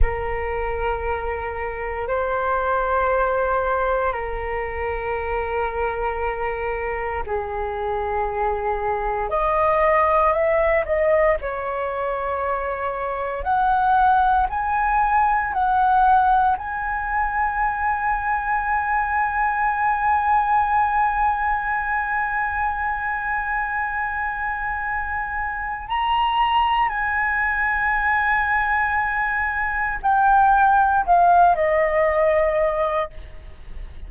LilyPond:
\new Staff \with { instrumentName = "flute" } { \time 4/4 \tempo 4 = 58 ais'2 c''2 | ais'2. gis'4~ | gis'4 dis''4 e''8 dis''8 cis''4~ | cis''4 fis''4 gis''4 fis''4 |
gis''1~ | gis''1~ | gis''4 ais''4 gis''2~ | gis''4 g''4 f''8 dis''4. | }